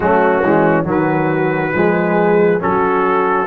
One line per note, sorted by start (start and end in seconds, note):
0.00 0.43 F#3
0.00 0.42 A3
0.00 0.87 C#4
0.00 0.85 F#4
0.43 0.85 E3
0.43 0.83 G#3
0.83 1.72 D#3
0.83 1.70 F#3
0.83 1.74 F#4
0.90 2.62 B4
1.74 2.61 F3
1.74 2.59 G#3
1.74 2.61 G#4
2.59 3.47 F#3
2.59 3.46 C#4
2.59 3.47 F#4
2.59 3.47 A4